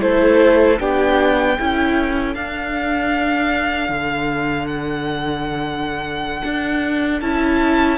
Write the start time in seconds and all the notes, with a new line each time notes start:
0.00 A3 E4 A4 C5
0.80 B3 D4 G4 G5
1.58 C#4 E4 A4
2.35 D4 F5
3.89 D3
4.68 F#5
6.44 D4
7.22 C#4 E4 A5